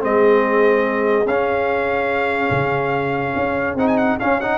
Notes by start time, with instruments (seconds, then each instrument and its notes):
0.00 tuba G#3, trombone C4, horn G#4, trumpet D#5
1.26 tuba C#4, trombone C#4, trumpet F5
2.51 tuba C#3
3.36 tuba C#4
3.75 tuba C4, trombone D#4, trumpet F#5
3.87 trumpet G#5
3.97 trumpet F#5
4.20 trombone C#4, tuba C#4, trumpet F5
4.40 trombone D#4, trumpet F#5